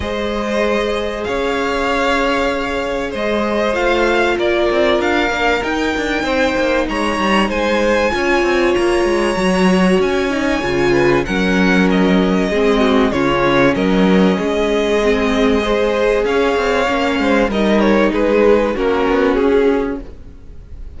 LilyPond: <<
  \new Staff \with { instrumentName = "violin" } { \time 4/4 \tempo 4 = 96 dis''2 f''2~ | f''4 dis''4 f''4 d''4 | f''4 g''2 ais''4 | gis''2 ais''2 |
gis''2 fis''4 dis''4~ | dis''4 cis''4 dis''2~ | dis''2 f''2 | dis''8 cis''8 b'4 ais'4 gis'4 | }
  \new Staff \with { instrumentName = "violin" } { \time 4/4 c''2 cis''2~ | cis''4 c''2 ais'4~ | ais'2 c''4 cis''4 | c''4 cis''2.~ |
cis''4. b'8 ais'2 | gis'8 fis'8 f'4 ais'4 gis'4~ | gis'4 c''4 cis''4. c''8 | ais'4 gis'4 fis'2 | }
  \new Staff \with { instrumentName = "viola" } { \time 4/4 gis'1~ | gis'2 f'2~ | f'8 d'8 dis'2.~ | dis'4 f'2 fis'4~ |
fis'8 dis'8 f'4 cis'2 | c'4 cis'2. | c'4 gis'2 cis'4 | dis'2 cis'2 | }
  \new Staff \with { instrumentName = "cello" } { \time 4/4 gis2 cis'2~ | cis'4 gis4 a4 ais8 c'8 | d'8 ais8 dis'8 d'8 c'8 ais8 gis8 g8 | gis4 cis'8 c'8 ais8 gis8 fis4 |
cis'4 cis4 fis2 | gis4 cis4 fis4 gis4~ | gis2 cis'8 c'8 ais8 gis8 | g4 gis4 ais8 b8 cis'4 | }
>>